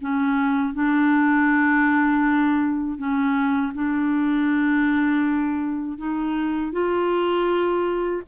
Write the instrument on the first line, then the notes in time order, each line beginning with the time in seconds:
clarinet
0.00 C#4
0.73 D4
2.97 C#4
3.74 D4
5.97 D#4
6.72 F4